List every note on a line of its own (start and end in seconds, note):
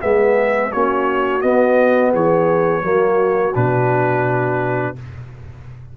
0.00 0.73 G#3
0.00 0.71 B3
0.00 0.72 G#4
0.00 0.71 E5
0.71 1.43 A#3
0.71 1.41 C#4
0.71 2.11 F#4
0.71 1.41 C#5
1.41 2.82 B3
1.41 2.13 B3
1.41 2.12 D#5
2.11 2.82 E3
2.11 2.82 G#4
2.11 3.55 C#5
2.82 3.52 F#3
2.82 3.52 A#3
2.82 4.94 F#4
3.54 4.97 B2
3.54 4.96 D4
3.54 4.96 B4